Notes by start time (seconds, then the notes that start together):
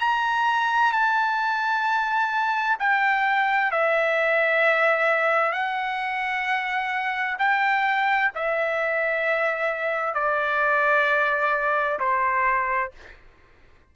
0.00 A#5
0.93 A5
2.80 G5
3.72 E5
5.53 F#5
7.39 G5
8.35 E5
10.15 D5
12.00 C5